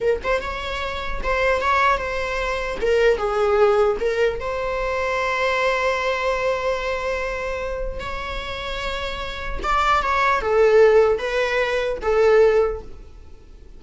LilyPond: \new Staff \with { instrumentName = "viola" } { \time 4/4 \tempo 4 = 150 ais'8 c''8 cis''2 c''4 | cis''4 c''2 ais'4 | gis'2 ais'4 c''4~ | c''1~ |
c''1 | cis''1 | d''4 cis''4 a'2 | b'2 a'2 | }